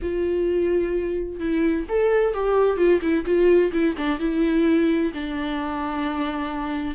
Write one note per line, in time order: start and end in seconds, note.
0.02 1.39 F4
1.39 1.86 E4
1.89 2.33 A4
2.33 2.77 G4
2.77 3.00 F4
3.01 3.25 E4
3.25 3.71 F4
3.72 3.95 E4
3.97 4.19 D4
4.19 5.12 E4
5.13 6.95 D4